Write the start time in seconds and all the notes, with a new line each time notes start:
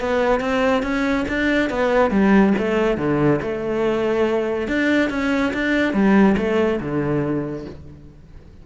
0.00 B3
0.40 C4
0.82 C#4
1.28 D4
1.70 B3
2.10 G3
2.58 A3
2.97 D3
3.41 A3
4.68 D4
5.10 C#4
5.53 D4
5.93 G3
6.37 A3
6.80 D3